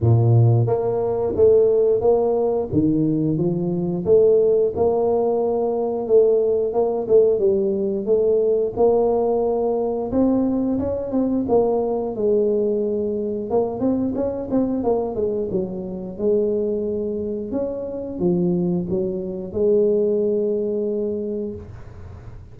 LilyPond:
\new Staff \with { instrumentName = "tuba" } { \time 4/4 \tempo 4 = 89 ais,4 ais4 a4 ais4 | dis4 f4 a4 ais4~ | ais4 a4 ais8 a8 g4 | a4 ais2 c'4 |
cis'8 c'8 ais4 gis2 | ais8 c'8 cis'8 c'8 ais8 gis8 fis4 | gis2 cis'4 f4 | fis4 gis2. | }